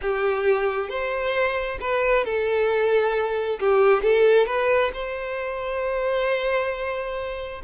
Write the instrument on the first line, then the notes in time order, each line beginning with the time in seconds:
violin
0.01 G4
0.89 C5
1.80 B4
2.24 A4
3.59 G4
4.03 A4
4.46 B4
4.93 C5